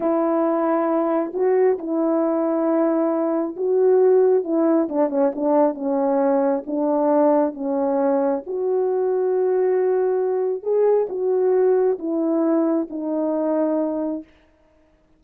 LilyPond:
\new Staff \with { instrumentName = "horn" } { \time 4/4 \tempo 4 = 135 e'2. fis'4 | e'1 | fis'2 e'4 d'8 cis'8 | d'4 cis'2 d'4~ |
d'4 cis'2 fis'4~ | fis'1 | gis'4 fis'2 e'4~ | e'4 dis'2. | }